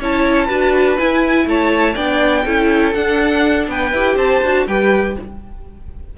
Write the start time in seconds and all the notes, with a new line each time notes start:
0.00 C#4 E4 C#5 A5
0.46 D4 F#4 B4
0.98 E4 G#5
1.46 A3 C#5 A5
1.93 B3 D4 D5 G5
2.45 C#4 E4 A4
2.93 D4 F#5
3.68 B3 B4 G5
3.92 E4 G4
4.16 C4 C5 A5
4.43 D4 F#4
4.67 G3 G4 B4 G5